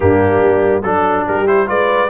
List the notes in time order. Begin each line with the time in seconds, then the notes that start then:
0.00 G2 A#3 D4 G4
0.41 G3
0.82 F#3 D4 A4
1.27 G3 G4 A#4
1.46 E4 C5
1.66 G#3 F4 B4 D5